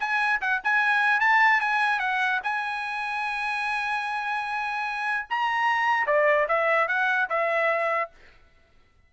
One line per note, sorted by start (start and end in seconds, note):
0.00 0.41 G#5
0.41 0.62 F#5
0.64 1.21 G#5
1.21 1.61 A5
1.61 2.00 G#5
2.00 2.40 F#5
2.44 5.27 G#5
5.30 6.07 A#5
6.07 6.48 D5
6.48 6.88 E5
6.88 7.29 F#5
7.30 8.11 E5